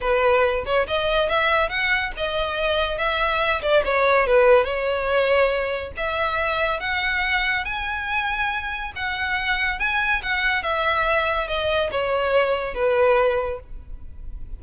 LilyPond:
\new Staff \with { instrumentName = "violin" } { \time 4/4 \tempo 4 = 141 b'4. cis''8 dis''4 e''4 | fis''4 dis''2 e''4~ | e''8 d''8 cis''4 b'4 cis''4~ | cis''2 e''2 |
fis''2 gis''2~ | gis''4 fis''2 gis''4 | fis''4 e''2 dis''4 | cis''2 b'2 | }